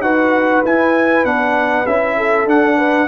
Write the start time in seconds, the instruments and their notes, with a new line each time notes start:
0.00 tuba D#4, trombone F#4, horn B4, trumpet F#5
0.65 tuba E4, trombone E4, trumpet G#5
1.24 tuba B3, trombone D4, trumpet F#5
1.86 tuba C#4, trombone E4, trumpet E5
2.17 horn A4
2.46 tuba D4, trombone D4, trumpet F#5
2.77 horn B4